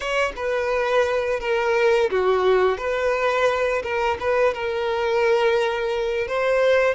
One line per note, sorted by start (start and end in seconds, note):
0.00 0.32 C#5
0.36 1.40 B4
1.40 2.09 A#4
2.10 2.77 F#4
2.77 3.82 B4
3.82 4.17 A#4
4.20 4.53 B4
4.53 6.27 A#4
6.27 6.94 C5